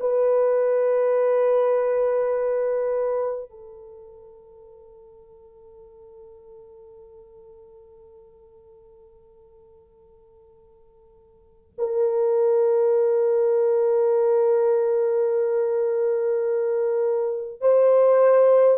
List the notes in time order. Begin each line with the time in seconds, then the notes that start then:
0.00 B4
3.50 A4
11.78 A#4
17.60 C5